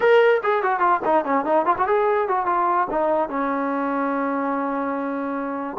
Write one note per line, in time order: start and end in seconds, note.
0.00 0.41 A#4
0.43 0.62 G#4
0.62 0.79 F#4
0.79 1.00 F4
1.04 1.24 D#4
1.24 1.45 C#4
1.45 1.65 D#4
1.65 1.75 F4
1.77 1.87 F#4
1.87 2.28 G#4
2.28 2.46 F#4
2.46 2.87 F4
2.90 3.29 D#4
3.29 5.77 C#4